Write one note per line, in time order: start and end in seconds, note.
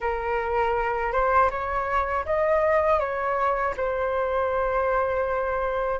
0.00 1.12 A#4
1.12 1.50 C5
1.50 2.25 C#5
2.25 2.99 D#5
2.99 3.74 C#5
3.76 6.00 C5